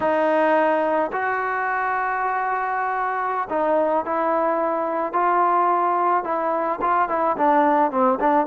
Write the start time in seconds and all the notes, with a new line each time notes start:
0.00 D#4
1.12 F#4
3.49 D#4
4.05 E4
5.13 F4
6.23 E4
6.81 F4
7.08 E4
7.37 D4
7.91 C4
8.19 D4